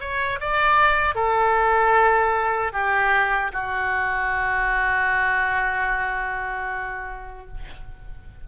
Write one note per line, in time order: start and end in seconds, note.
0.00 0.39 C#5
0.41 1.15 D5
1.15 2.73 A4
2.73 3.52 G4
3.53 7.47 F#4